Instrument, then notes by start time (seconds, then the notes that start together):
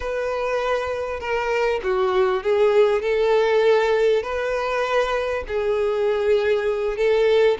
violin
0.00 B4
1.20 A#4
1.83 F#4
2.43 G#4
3.02 A4
4.23 B4
5.47 G#4
6.97 A4